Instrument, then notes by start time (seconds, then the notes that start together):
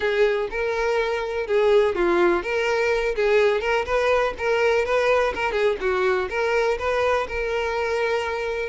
violin
0.00 G#4
0.50 A#4
1.46 G#4
1.95 F4
2.42 A#4
3.15 G#4
3.60 A#4
3.85 B4
4.37 A#4
4.85 B4
5.35 A#4
5.52 G#4
5.80 F#4
6.29 A#4
6.78 B4
7.27 A#4